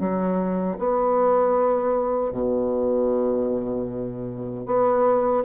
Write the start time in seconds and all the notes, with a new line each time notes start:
0.00 F#3
0.79 B3
2.32 B2
4.66 B3